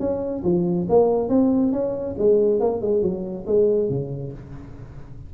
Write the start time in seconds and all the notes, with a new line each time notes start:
0.00 C#4
0.44 F3
0.89 A#3
1.29 C4
1.73 C#4
2.19 G#3
2.60 A#3
2.82 G#3
3.03 F#3
3.47 G#3
3.90 C#3